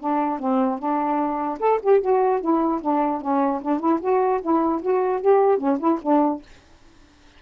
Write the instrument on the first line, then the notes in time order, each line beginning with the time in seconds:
saxophone
0.00 D4
0.39 C4
0.79 D4
1.60 A4
1.83 G4
2.01 F#4
2.41 E4
2.82 D4
3.21 C#4
3.62 D4
3.80 E4
4.01 F#4
4.42 E4
4.82 F#4
5.21 G4
5.58 C#4
5.79 E4
6.02 D4